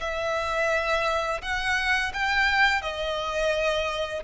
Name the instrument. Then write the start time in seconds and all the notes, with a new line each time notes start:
violin
0.00 E5
1.41 F#5
2.13 G5
2.81 D#5